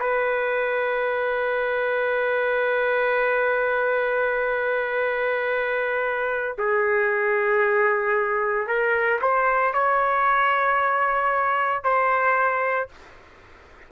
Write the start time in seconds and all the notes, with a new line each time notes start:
0.00 B4
6.58 G#4
8.67 A#4
9.22 C5
9.74 C#5
11.84 C5